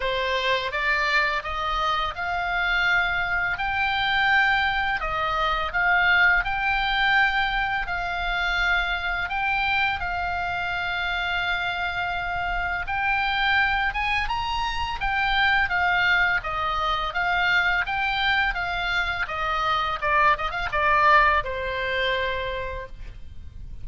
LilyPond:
\new Staff \with { instrumentName = "oboe" } { \time 4/4 \tempo 4 = 84 c''4 d''4 dis''4 f''4~ | f''4 g''2 dis''4 | f''4 g''2 f''4~ | f''4 g''4 f''2~ |
f''2 g''4. gis''8 | ais''4 g''4 f''4 dis''4 | f''4 g''4 f''4 dis''4 | d''8 dis''16 f''16 d''4 c''2 | }